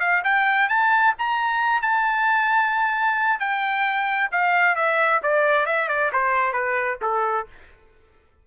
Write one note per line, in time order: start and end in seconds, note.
0.00 0.23 F5
0.24 0.69 G5
0.69 1.14 A5
1.19 1.82 A#5
1.82 3.39 A5
3.39 4.30 G5
4.31 4.76 F5
4.76 5.21 E5
5.23 5.66 D5
5.66 5.89 E5
5.89 6.11 D5
6.12 6.53 C5
6.53 6.98 B4
7.02 7.47 A4